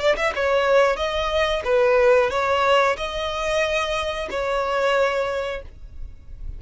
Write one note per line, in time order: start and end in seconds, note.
0.00 0.16 D5
0.17 0.33 E5
0.35 0.97 C#5
0.97 1.63 D#5
1.65 2.31 B4
2.31 2.97 C#5
2.98 4.29 D#5
4.31 5.63 C#5